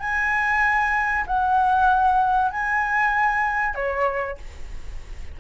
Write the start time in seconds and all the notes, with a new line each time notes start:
0.00 G#5
1.27 F#5
2.51 G#5
3.75 C#5